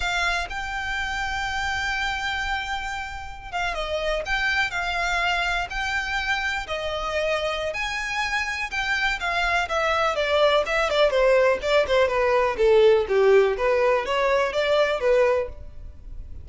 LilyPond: \new Staff \with { instrumentName = "violin" } { \time 4/4 \tempo 4 = 124 f''4 g''2.~ | g''2.~ g''16 f''8 dis''16~ | dis''8. g''4 f''2 g''16~ | g''4.~ g''16 dis''2~ dis''16 |
gis''2 g''4 f''4 | e''4 d''4 e''8 d''8 c''4 | d''8 c''8 b'4 a'4 g'4 | b'4 cis''4 d''4 b'4 | }